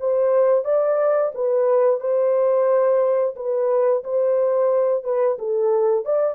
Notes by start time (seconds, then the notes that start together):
0.00 C5
0.65 D5
1.35 B4
2.00 C5
3.36 B4
4.04 C5
5.04 B4
5.39 A4
6.05 D5